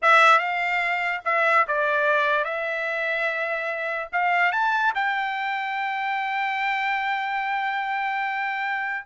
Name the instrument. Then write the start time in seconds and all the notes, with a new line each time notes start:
trumpet
0.01 E5
0.38 F5
1.25 E5
1.67 D5
2.44 E5
4.12 F5
4.51 A5
4.94 G5